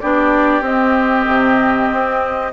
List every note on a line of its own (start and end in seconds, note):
0.00 0.61 B3
0.00 0.62 D4
0.00 2.52 G4
0.00 0.63 D5
0.61 1.24 C4
0.61 2.51 C4
0.61 2.52 D#5
1.27 1.91 C3
1.92 2.52 C4